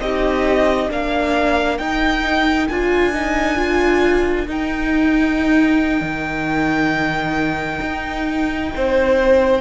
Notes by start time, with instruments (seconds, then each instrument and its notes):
0.00 cello C4, viola D#4, violin G4 D#5
0.90 cello A#3, viola D4, violin A#4 F5
1.78 cello D#4, viola D#4, violin G5
2.68 cello D4, viola F4, violin G#5
3.14 viola D#4
3.57 viola F4
4.48 cello D#4, viola D#4, violin G5
6.01 cello D#3
7.82 cello D#4
8.76 cello C4, violin C5